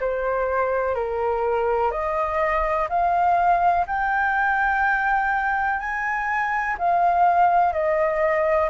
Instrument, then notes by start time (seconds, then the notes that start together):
flute
0.00 C5
0.95 A#4
1.91 D#5
2.89 F5
3.87 G5
5.80 G#5
6.78 F5
7.73 D#5